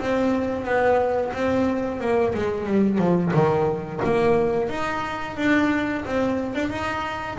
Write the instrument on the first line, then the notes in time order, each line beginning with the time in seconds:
double bass
0.00 C4
0.65 B3
1.33 C4
2.00 A#3
2.34 G#3
2.66 G3
2.98 F3
3.34 D#3
4.04 A#3
4.69 D#4
5.37 D4
6.06 C4
6.55 D4
6.70 D#4